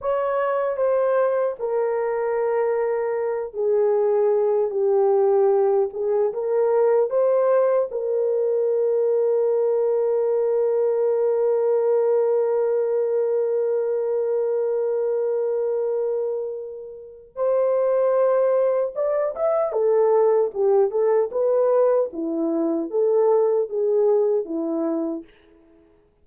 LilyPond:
\new Staff \with { instrumentName = "horn" } { \time 4/4 \tempo 4 = 76 cis''4 c''4 ais'2~ | ais'8 gis'4. g'4. gis'8 | ais'4 c''4 ais'2~ | ais'1~ |
ais'1~ | ais'2 c''2 | d''8 e''8 a'4 g'8 a'8 b'4 | e'4 a'4 gis'4 e'4 | }